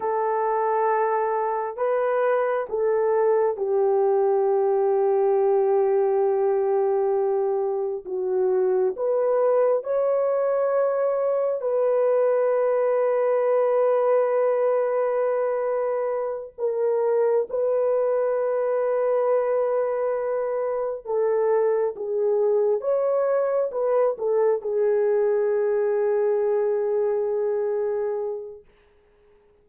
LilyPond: \new Staff \with { instrumentName = "horn" } { \time 4/4 \tempo 4 = 67 a'2 b'4 a'4 | g'1~ | g'4 fis'4 b'4 cis''4~ | cis''4 b'2.~ |
b'2~ b'8 ais'4 b'8~ | b'2.~ b'8 a'8~ | a'8 gis'4 cis''4 b'8 a'8 gis'8~ | gis'1 | }